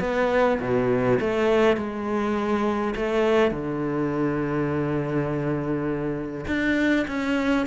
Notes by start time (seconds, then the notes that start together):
0.00 B3
0.60 B2
1.20 A3
1.77 G#3
2.96 A3
3.52 D3
6.47 D4
7.08 C#4